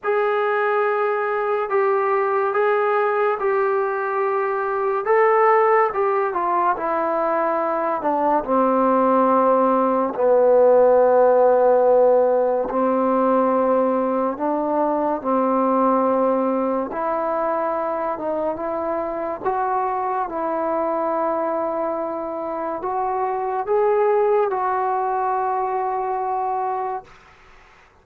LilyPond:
\new Staff \with { instrumentName = "trombone" } { \time 4/4 \tempo 4 = 71 gis'2 g'4 gis'4 | g'2 a'4 g'8 f'8 | e'4. d'8 c'2 | b2. c'4~ |
c'4 d'4 c'2 | e'4. dis'8 e'4 fis'4 | e'2. fis'4 | gis'4 fis'2. | }